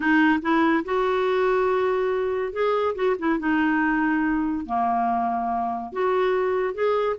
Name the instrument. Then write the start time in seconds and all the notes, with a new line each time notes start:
clarinet
0.00 D#4
0.41 E4
0.84 F#4
2.52 G#4
2.95 F#4
3.18 E4
3.39 D#4
4.66 A#3
5.92 F#4
6.74 G#4